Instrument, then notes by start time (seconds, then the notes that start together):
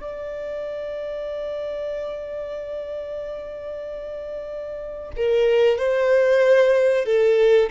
violin
0.00 D5
5.16 A#4
5.78 C5
7.05 A4